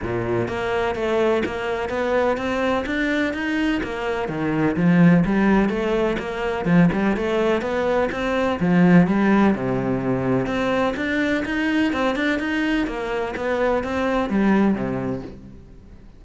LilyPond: \new Staff \with { instrumentName = "cello" } { \time 4/4 \tempo 4 = 126 ais,4 ais4 a4 ais4 | b4 c'4 d'4 dis'4 | ais4 dis4 f4 g4 | a4 ais4 f8 g8 a4 |
b4 c'4 f4 g4 | c2 c'4 d'4 | dis'4 c'8 d'8 dis'4 ais4 | b4 c'4 g4 c4 | }